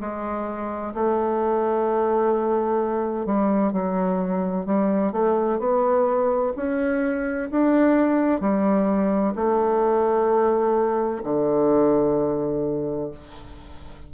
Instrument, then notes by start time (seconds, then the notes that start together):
bassoon
0.00 G#3
0.94 A3
3.26 G3
3.72 F#3
4.66 G3
5.12 A3
5.59 B3
6.56 C#4
7.51 D4
8.40 G3
9.35 A3
11.23 D3